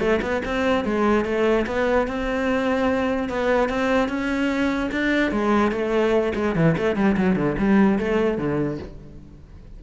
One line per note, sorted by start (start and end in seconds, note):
0.00 0.20 A3
0.22 0.42 B3
0.45 0.85 C4
0.85 1.25 G#3
1.25 1.66 A3
1.67 2.08 B3
2.08 3.29 C4
3.29 3.69 B3
3.69 4.09 C4
4.09 4.91 C#4
4.92 5.32 D4
5.32 5.72 G#3
5.72 6.33 A3
6.35 6.55 G#3
6.55 6.76 E3
6.78 6.96 A3
6.96 7.17 G3
7.17 7.36 F#3
7.36 7.57 D3
7.58 7.99 G3
7.99 8.38 A3
8.38 8.79 D3